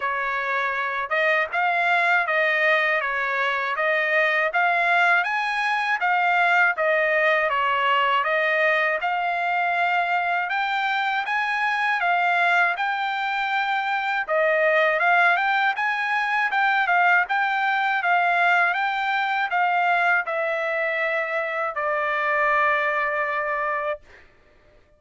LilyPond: \new Staff \with { instrumentName = "trumpet" } { \time 4/4 \tempo 4 = 80 cis''4. dis''8 f''4 dis''4 | cis''4 dis''4 f''4 gis''4 | f''4 dis''4 cis''4 dis''4 | f''2 g''4 gis''4 |
f''4 g''2 dis''4 | f''8 g''8 gis''4 g''8 f''8 g''4 | f''4 g''4 f''4 e''4~ | e''4 d''2. | }